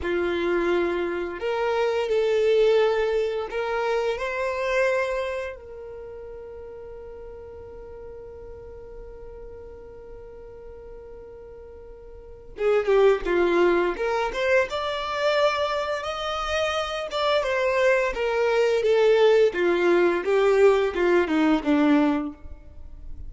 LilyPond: \new Staff \with { instrumentName = "violin" } { \time 4/4 \tempo 4 = 86 f'2 ais'4 a'4~ | a'4 ais'4 c''2 | ais'1~ | ais'1~ |
ais'2 gis'8 g'8 f'4 | ais'8 c''8 d''2 dis''4~ | dis''8 d''8 c''4 ais'4 a'4 | f'4 g'4 f'8 dis'8 d'4 | }